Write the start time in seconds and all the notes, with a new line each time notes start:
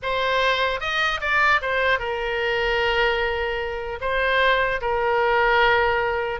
0.02 C5
0.80 D#5
1.20 D5
1.61 C5
1.99 A#4
4.00 C5
4.81 A#4